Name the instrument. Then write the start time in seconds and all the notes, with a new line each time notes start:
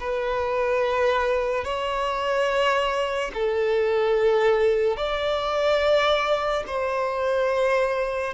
violin
0.00 B4
1.65 C#5
3.34 A4
4.97 D5
6.67 C5